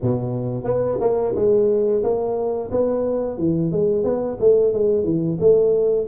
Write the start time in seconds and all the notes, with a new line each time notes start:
0.02 B2
0.64 B3
1.00 A#3
1.35 G#3
2.03 A#3
2.71 B3
3.37 E3
3.71 G#3
4.04 B3
4.39 A3
4.73 G#3
5.04 E3
5.40 A3